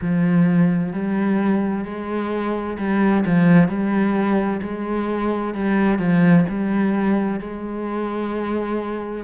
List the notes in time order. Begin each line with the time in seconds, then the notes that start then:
0.01 F3
0.92 G3
1.85 G#3
2.78 G3
3.25 F3
3.68 G3
4.62 G#3
5.54 G3
5.98 F3
6.48 G3
7.40 G#3